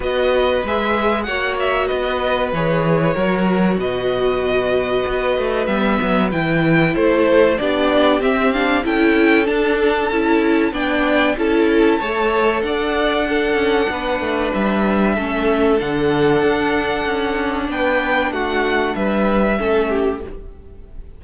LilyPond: <<
  \new Staff \with { instrumentName = "violin" } { \time 4/4 \tempo 4 = 95 dis''4 e''4 fis''8 e''8 dis''4 | cis''2 dis''2~ | dis''4 e''4 g''4 c''4 | d''4 e''8 f''8 g''4 a''4~ |
a''4 g''4 a''2 | fis''2. e''4~ | e''4 fis''2. | g''4 fis''4 e''2 | }
  \new Staff \with { instrumentName = "violin" } { \time 4/4 b'2 cis''4 b'4~ | b'4 ais'4 b'2~ | b'2. a'4 | g'2 a'2~ |
a'4 d''4 a'4 cis''4 | d''4 a'4 b'2 | a'1 | b'4 fis'4 b'4 a'8 g'8 | }
  \new Staff \with { instrumentName = "viola" } { \time 4/4 fis'4 gis'4 fis'2 | gis'4 fis'2.~ | fis'4 b4 e'2 | d'4 c'8 d'8 e'4 d'4 |
e'4 d'4 e'4 a'4~ | a'4 d'2. | cis'4 d'2.~ | d'2. cis'4 | }
  \new Staff \with { instrumentName = "cello" } { \time 4/4 b4 gis4 ais4 b4 | e4 fis4 b,2 | b8 a8 g8 fis8 e4 a4 | b4 c'4 cis'4 d'4 |
cis'4 b4 cis'4 a4 | d'4. cis'8 b8 a8 g4 | a4 d4 d'4 cis'4 | b4 a4 g4 a4 | }
>>